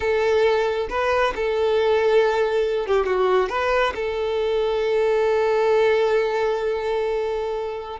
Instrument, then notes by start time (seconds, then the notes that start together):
violin
0.00 A4
0.89 B4
1.35 A4
2.86 G4
3.06 F#4
3.49 B4
3.95 A4